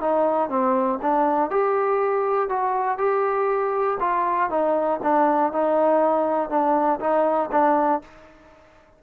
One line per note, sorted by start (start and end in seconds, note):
0.00 0.49 D#4
0.49 0.99 C4
1.02 1.50 D4
1.50 2.49 G4
2.49 2.97 F#4
2.97 3.97 G4
4.00 4.50 F4
4.50 5.00 D#4
5.02 5.52 D4
5.52 6.49 D#4
6.49 6.99 D4
7.00 7.50 D#4
7.51 8.01 D4